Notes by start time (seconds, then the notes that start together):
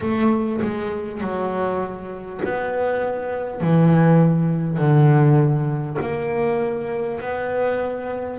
0.01 A3
0.61 G#3
1.20 F#3
2.44 B3
3.60 E3
4.77 D3
6.01 A#3
7.20 B3